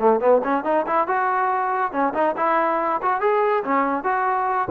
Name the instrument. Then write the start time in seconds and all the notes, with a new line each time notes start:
trombone
0.00 A3
0.20 B3
0.44 C#4
0.64 D#4
0.86 E4
1.08 F#4
1.92 C#4
2.14 D#4
2.37 E4
3.02 F#4
3.21 G#4
3.64 C#4
4.04 F#4